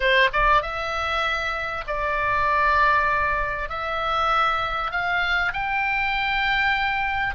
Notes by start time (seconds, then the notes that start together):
0.00 C5
0.32 D5
0.62 E5
1.87 D5
3.69 E5
4.91 F5
5.53 G5